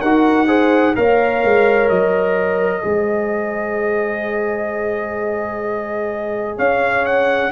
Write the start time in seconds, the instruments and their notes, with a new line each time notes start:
0.00 tuba D#4, trombone F#4, horn A#4, trumpet F#5
0.47 trombone G#4, horn C5
0.96 tuba A#3, trombone A#4, horn C#5, trumpet F5
1.44 tuba G#3
1.89 tuba F#3, trumpet D#5
2.82 tuba G#3, trombone G#4, horn C5
6.57 tuba C#4, horn C#5, trumpet F5
7.05 trumpet F#5